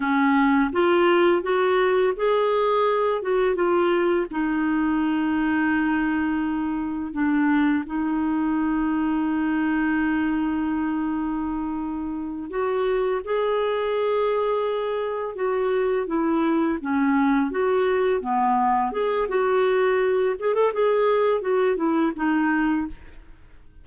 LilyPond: \new Staff \with { instrumentName = "clarinet" } { \time 4/4 \tempo 4 = 84 cis'4 f'4 fis'4 gis'4~ | gis'8 fis'8 f'4 dis'2~ | dis'2 d'4 dis'4~ | dis'1~ |
dis'4. fis'4 gis'4.~ | gis'4. fis'4 e'4 cis'8~ | cis'8 fis'4 b4 gis'8 fis'4~ | fis'8 gis'16 a'16 gis'4 fis'8 e'8 dis'4 | }